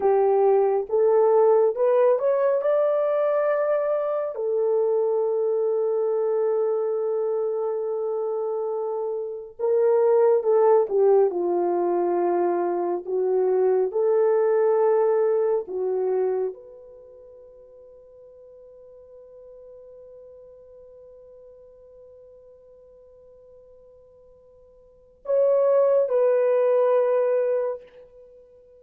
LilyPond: \new Staff \with { instrumentName = "horn" } { \time 4/4 \tempo 4 = 69 g'4 a'4 b'8 cis''8 d''4~ | d''4 a'2.~ | a'2. ais'4 | a'8 g'8 f'2 fis'4 |
a'2 fis'4 b'4~ | b'1~ | b'1~ | b'4 cis''4 b'2 | }